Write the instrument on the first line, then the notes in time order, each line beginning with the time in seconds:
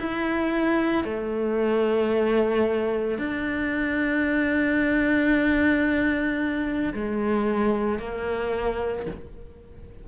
cello
0.00 E4
1.05 A3
3.19 D4
6.94 G#3
7.99 A#3